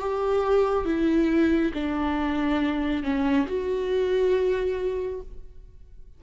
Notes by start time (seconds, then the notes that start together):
0.00 G4
0.85 E4
1.74 D4
3.04 C#4
3.47 F#4